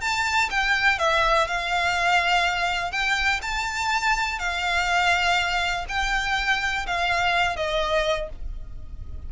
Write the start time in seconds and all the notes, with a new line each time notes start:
0.00 A5
0.50 G5
0.98 E5
1.47 F5
2.91 G5
3.41 A5
4.39 F5
5.88 G5
6.86 F5
7.56 D#5